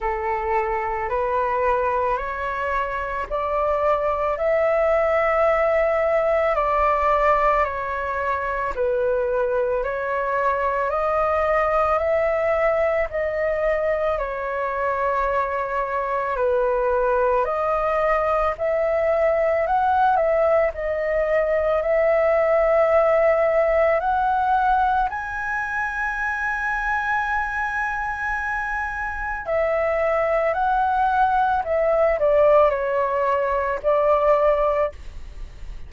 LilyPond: \new Staff \with { instrumentName = "flute" } { \time 4/4 \tempo 4 = 55 a'4 b'4 cis''4 d''4 | e''2 d''4 cis''4 | b'4 cis''4 dis''4 e''4 | dis''4 cis''2 b'4 |
dis''4 e''4 fis''8 e''8 dis''4 | e''2 fis''4 gis''4~ | gis''2. e''4 | fis''4 e''8 d''8 cis''4 d''4 | }